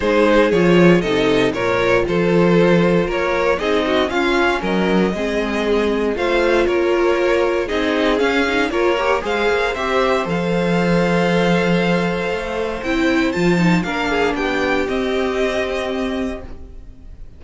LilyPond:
<<
  \new Staff \with { instrumentName = "violin" } { \time 4/4 \tempo 4 = 117 c''4 cis''4 dis''4 cis''4 | c''2 cis''4 dis''4 | f''4 dis''2. | f''4 cis''2 dis''4 |
f''4 cis''4 f''4 e''4 | f''1~ | f''4 g''4 a''4 f''4 | g''4 dis''2. | }
  \new Staff \with { instrumentName = "violin" } { \time 4/4 gis'2 a'4 ais'4 | a'2 ais'4 gis'8 fis'8 | f'4 ais'4 gis'2 | c''4 ais'2 gis'4~ |
gis'4 ais'4 c''2~ | c''1~ | c''2. ais'8 gis'8 | g'1 | }
  \new Staff \with { instrumentName = "viola" } { \time 4/4 dis'4 f'4 dis'4 f'4~ | f'2. dis'4 | cis'2 c'2 | f'2. dis'4 |
cis'8 dis'8 f'8 g'8 gis'4 g'4 | a'1~ | a'4 e'4 f'8 dis'8 d'4~ | d'4 c'2. | }
  \new Staff \with { instrumentName = "cello" } { \time 4/4 gis4 f4 c4 ais,4 | f2 ais4 c'4 | cis'4 fis4 gis2 | a4 ais2 c'4 |
cis'4 ais4 gis8 ais8 c'4 | f1 | a4 c'4 f4 ais4 | b4 c'2. | }
>>